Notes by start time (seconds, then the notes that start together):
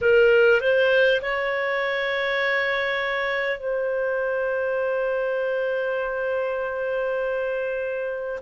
0.01 A#4
0.60 C5
1.21 C#5
3.59 C5